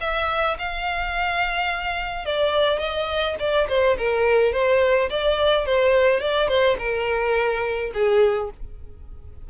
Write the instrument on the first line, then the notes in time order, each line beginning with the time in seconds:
violin
0.00 E5
0.58 F5
2.25 D5
2.79 D#5
3.39 D5
3.68 C5
3.98 A#4
4.53 C5
5.09 D5
5.66 C5
6.20 D5
6.48 C5
6.78 A#4
7.93 G#4